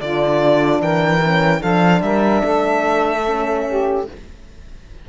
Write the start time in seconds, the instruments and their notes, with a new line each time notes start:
0.00 cello D3, horn D4, saxophone F4, violin D5
0.80 cello E3, saxophone A#4, violin G5
1.22 horn C#4
1.58 cello F3, horn D4, saxophone A4, violin F5
2.01 cello G3, saxophone A#4, violin E5
2.42 cello A3, saxophone A4
3.26 horn C#4
3.68 saxophone G4